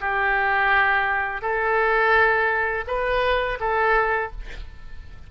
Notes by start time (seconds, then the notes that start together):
0.00 G4
1.41 A4
2.87 B4
3.60 A4